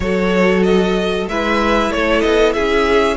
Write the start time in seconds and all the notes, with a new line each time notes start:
0.00 F#3 F#4 A4 C#5
0.63 D#5
1.28 G#3 E4 B4 E5
1.90 A3 A4 C#5
2.20 B3 D#5
2.53 C#4 G#4 E5